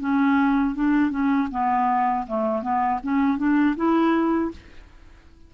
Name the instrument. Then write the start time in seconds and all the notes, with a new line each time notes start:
clarinet
0.00 C#4
0.75 D4
1.11 C#4
1.51 B3
2.27 A3
2.62 B3
3.03 C#4
3.38 D4
3.76 E4